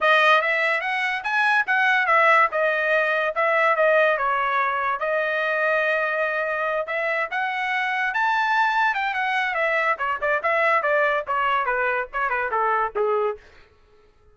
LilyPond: \new Staff \with { instrumentName = "trumpet" } { \time 4/4 \tempo 4 = 144 dis''4 e''4 fis''4 gis''4 | fis''4 e''4 dis''2 | e''4 dis''4 cis''2 | dis''1~ |
dis''8 e''4 fis''2 a''8~ | a''4. g''8 fis''4 e''4 | cis''8 d''8 e''4 d''4 cis''4 | b'4 cis''8 b'8 a'4 gis'4 | }